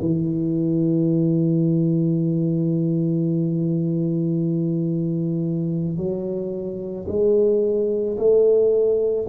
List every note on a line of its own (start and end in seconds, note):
0.00 5.97 E3
5.97 7.06 F#3
7.08 8.17 G#3
8.17 9.26 A3